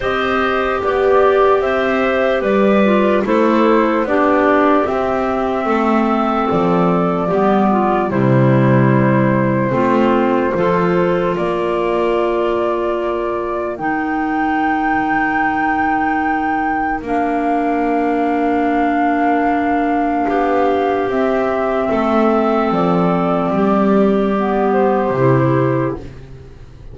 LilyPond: <<
  \new Staff \with { instrumentName = "flute" } { \time 4/4 \tempo 4 = 74 dis''4 d''4 e''4 d''4 | c''4 d''4 e''2 | d''2 c''2~ | c''2 d''2~ |
d''4 g''2.~ | g''4 f''2.~ | f''2 e''2 | d''2~ d''8 c''4. | }
  \new Staff \with { instrumentName = "clarinet" } { \time 4/4 c''4 g'4 c''4 b'4 | a'4 g'2 a'4~ | a'4 g'8 f'8 e'2 | f'4 a'4 ais'2~ |
ais'1~ | ais'1~ | ais'4 g'2 a'4~ | a'4 g'2. | }
  \new Staff \with { instrumentName = "clarinet" } { \time 4/4 g'2.~ g'8 f'8 | e'4 d'4 c'2~ | c'4 b4 g2 | c'4 f'2.~ |
f'4 dis'2.~ | dis'4 d'2.~ | d'2 c'2~ | c'2 b4 e'4 | }
  \new Staff \with { instrumentName = "double bass" } { \time 4/4 c'4 b4 c'4 g4 | a4 b4 c'4 a4 | f4 g4 c2 | a4 f4 ais2~ |
ais4 dis2.~ | dis4 ais2.~ | ais4 b4 c'4 a4 | f4 g2 c4 | }
>>